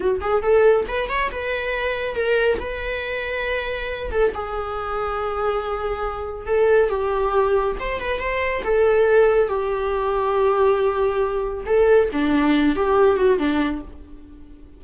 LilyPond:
\new Staff \with { instrumentName = "viola" } { \time 4/4 \tempo 4 = 139 fis'8 gis'8 a'4 b'8 cis''8 b'4~ | b'4 ais'4 b'2~ | b'4. a'8 gis'2~ | gis'2. a'4 |
g'2 c''8 b'8 c''4 | a'2 g'2~ | g'2. a'4 | d'4. g'4 fis'8 d'4 | }